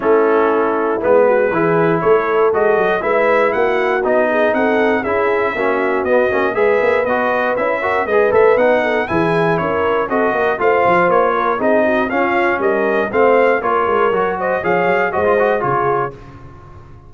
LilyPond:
<<
  \new Staff \with { instrumentName = "trumpet" } { \time 4/4 \tempo 4 = 119 a'2 b'2 | cis''4 dis''4 e''4 fis''4 | dis''4 fis''4 e''2 | dis''4 e''4 dis''4 e''4 |
dis''8 e''8 fis''4 gis''4 cis''4 | dis''4 f''4 cis''4 dis''4 | f''4 dis''4 f''4 cis''4~ | cis''8 dis''8 f''4 dis''4 cis''4 | }
  \new Staff \with { instrumentName = "horn" } { \time 4/4 e'2~ e'8 fis'8 gis'4 | a'2 b'4 fis'4~ | fis'8 gis'8 a'4 gis'4 fis'4~ | fis'4 b'2~ b'8 ais'8 |
b'4. a'8 gis'4 ais'4 | a'8 ais'8 c''4. ais'8 gis'8 fis'8 | f'4 ais'4 c''4 ais'4~ | ais'8 c''8 cis''4 c''4 gis'4 | }
  \new Staff \with { instrumentName = "trombone" } { \time 4/4 cis'2 b4 e'4~ | e'4 fis'4 e'2 | dis'2 e'4 cis'4 | b8 cis'8 gis'4 fis'4 e'8 fis'8 |
gis'8 a'8 dis'4 e'2 | fis'4 f'2 dis'4 | cis'2 c'4 f'4 | fis'4 gis'4 fis'16 f'16 fis'8 f'4 | }
  \new Staff \with { instrumentName = "tuba" } { \time 4/4 a2 gis4 e4 | a4 gis8 fis8 gis4 ais4 | b4 c'4 cis'4 ais4 | b8 ais8 gis8 ais8 b4 cis'4 |
gis8 a8 b4 e4 cis'4 | c'8 ais8 a8 f8 ais4 c'4 | cis'4 g4 a4 ais8 gis8 | fis4 f8 fis8 gis4 cis4 | }
>>